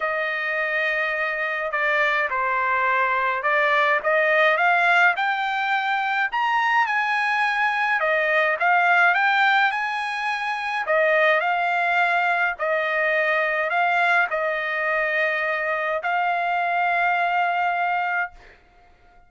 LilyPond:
\new Staff \with { instrumentName = "trumpet" } { \time 4/4 \tempo 4 = 105 dis''2. d''4 | c''2 d''4 dis''4 | f''4 g''2 ais''4 | gis''2 dis''4 f''4 |
g''4 gis''2 dis''4 | f''2 dis''2 | f''4 dis''2. | f''1 | }